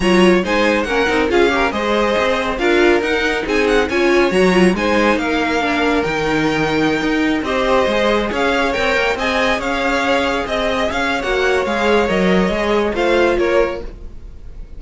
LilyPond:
<<
  \new Staff \with { instrumentName = "violin" } { \time 4/4 \tempo 4 = 139 ais''4 gis''4 fis''4 f''4 | dis''2 f''4 fis''4 | gis''8 fis''8 gis''4 ais''4 gis''4 | f''2 g''2~ |
g''4~ g''16 dis''2 f''8.~ | f''16 g''4 gis''4 f''4.~ f''16~ | f''16 dis''4 f''8. fis''4 f''4 | dis''2 f''4 cis''4 | }
  \new Staff \with { instrumentName = "violin" } { \time 4/4 cis''4 c''4 ais'4 gis'8 ais'8 | c''2 ais'2 | gis'4 cis''2 c''4 | ais'1~ |
ais'4~ ais'16 c''2 cis''8.~ | cis''4~ cis''16 dis''4 cis''4.~ cis''16~ | cis''16 dis''4 cis''2~ cis''8.~ | cis''2 c''4 ais'4 | }
  \new Staff \with { instrumentName = "viola" } { \time 4/4 f'4 dis'4 cis'8 dis'8 f'8 g'8 | gis'2 f'4 dis'4~ | dis'4 f'4 fis'8 f'8 dis'4~ | dis'4 d'4 dis'2~ |
dis'4~ dis'16 g'4 gis'4.~ gis'16~ | gis'16 ais'4 gis'2~ gis'8.~ | gis'2 fis'4 gis'4 | ais'4 gis'4 f'2 | }
  \new Staff \with { instrumentName = "cello" } { \time 4/4 fis4 gis4 ais8 c'8 cis'4 | gis4 c'4 d'4 dis'4 | c'4 cis'4 fis4 gis4 | ais2 dis2~ |
dis16 dis'4 c'4 gis4 cis'8.~ | cis'16 c'8 ais8 c'4 cis'4.~ cis'16~ | cis'16 c'4 cis'8. ais4 gis4 | fis4 gis4 a4 ais4 | }
>>